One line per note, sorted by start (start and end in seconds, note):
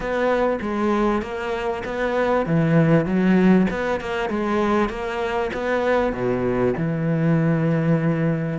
0.00 0.59 B3
0.61 1.21 G#3
1.21 1.83 A#3
1.85 2.45 B3
2.45 3.05 E3
3.05 3.67 F#3
3.70 4.00 B3
4.00 4.29 A#3
4.29 4.89 G#3
4.89 5.50 A#3
5.53 6.13 B3
6.13 6.74 B2
6.77 8.59 E3